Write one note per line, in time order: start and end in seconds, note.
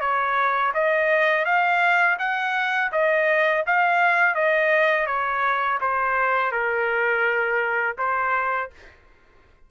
0.00 0.72 C#5
0.74 1.45 D#5
1.45 2.17 F5
2.19 2.91 F#5
2.92 3.64 D#5
3.66 4.35 F5
4.35 5.06 D#5
5.06 5.78 C#5
5.81 6.52 C5
6.52 7.96 A#4
7.98 8.70 C5